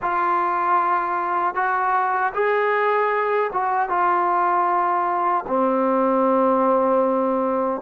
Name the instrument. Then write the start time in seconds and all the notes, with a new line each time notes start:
trombone
0.02 F4
1.54 F#4
2.33 G#4
3.53 F#4
3.89 F4
5.47 C4